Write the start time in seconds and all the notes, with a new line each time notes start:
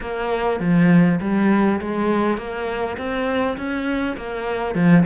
0.01 A#3
0.60 F3
1.20 G3
1.80 G#3
2.37 A#3
2.97 C4
3.57 C#4
4.17 A#3
4.74 F3